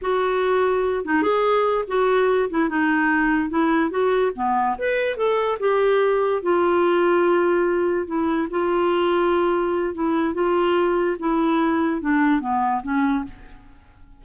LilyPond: \new Staff \with { instrumentName = "clarinet" } { \time 4/4 \tempo 4 = 145 fis'2~ fis'8 dis'8 gis'4~ | gis'8 fis'4. e'8 dis'4.~ | dis'8 e'4 fis'4 b4 b'8~ | b'8 a'4 g'2 f'8~ |
f'2.~ f'8 e'8~ | e'8 f'2.~ f'8 | e'4 f'2 e'4~ | e'4 d'4 b4 cis'4 | }